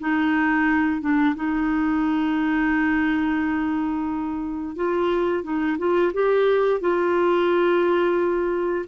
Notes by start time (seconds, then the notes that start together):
0.00 D#4
1.01 D4
1.35 D#4
4.76 F4
5.44 D#4
5.79 F4
6.14 G4
6.81 F4